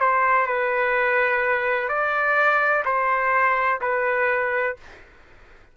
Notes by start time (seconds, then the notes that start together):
0.00 C5
0.46 B4
1.89 D5
2.85 C5
3.81 B4